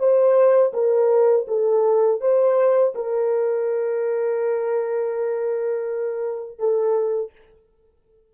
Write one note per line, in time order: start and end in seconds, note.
0.00 0.73 C5
0.74 1.47 A#4
1.48 2.21 A4
2.21 2.94 C5
2.95 6.59 A#4
6.59 7.32 A4